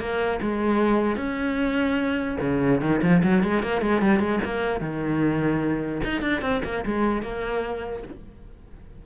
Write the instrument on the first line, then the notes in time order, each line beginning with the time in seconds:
cello
0.00 A#3
0.42 G#3
1.17 C#4
2.41 C#3
2.81 D#3
3.03 F3
3.23 F#3
3.44 G#3
3.63 A#3
3.81 G#3
4.02 G3
4.20 G#3
4.45 A#3
4.81 D#3
6.04 D#4
6.22 D4
6.42 C4
6.65 A#3
6.86 G#3
7.23 A#3